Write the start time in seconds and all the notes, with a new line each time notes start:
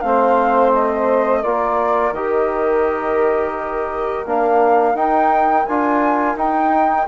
0.00 A3 C4 C5 F5
0.73 D#5
1.40 A#3 F4 A#4 D5
2.11 D#3 G4 D#5
4.25 A#3 D4 F5
4.94 D#4 G5
5.65 D4 F4 G#5
6.35 D#4 G5